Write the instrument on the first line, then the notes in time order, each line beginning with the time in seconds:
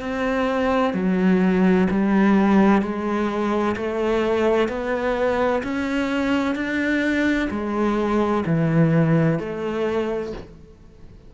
cello
0.00 C4
0.93 F#3
1.90 G3
2.82 G#3
3.76 A3
4.68 B3
5.63 C#4
6.55 D4
7.50 G#3
8.45 E3
9.39 A3